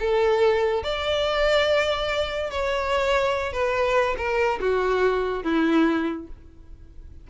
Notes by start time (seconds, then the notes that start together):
0.00 A4
0.84 D5
2.51 C#5
3.53 B4
4.18 A#4
4.60 F#4
5.44 E4